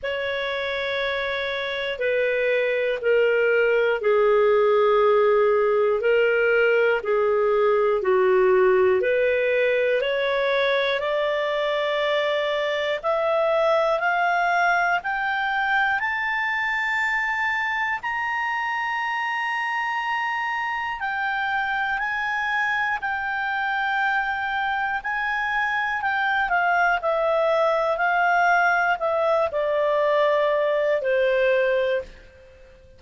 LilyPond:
\new Staff \with { instrumentName = "clarinet" } { \time 4/4 \tempo 4 = 60 cis''2 b'4 ais'4 | gis'2 ais'4 gis'4 | fis'4 b'4 cis''4 d''4~ | d''4 e''4 f''4 g''4 |
a''2 ais''2~ | ais''4 g''4 gis''4 g''4~ | g''4 gis''4 g''8 f''8 e''4 | f''4 e''8 d''4. c''4 | }